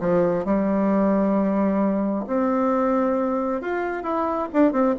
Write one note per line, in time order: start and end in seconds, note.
0.00 0.45 F3
0.45 2.25 G3
2.27 3.61 C4
3.61 4.03 F4
4.03 4.48 E4
4.53 4.72 D4
4.72 4.95 C4